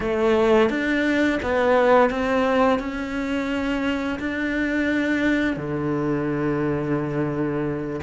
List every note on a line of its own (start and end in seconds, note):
0.00 0.69 A3
0.69 1.39 D4
1.42 2.10 B3
2.10 2.79 C4
2.79 4.18 C#4
4.19 5.56 D4
5.56 8.00 D3